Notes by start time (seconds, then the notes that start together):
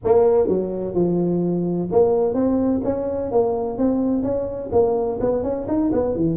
0.04 A#3
0.48 F#3
0.94 F3
1.91 A#3
2.34 C4
2.84 C#4
3.31 A#3
3.78 C4
4.22 C#4
4.72 A#3
5.20 B3
5.43 C#4
5.67 D#4
5.92 B3
6.15 E3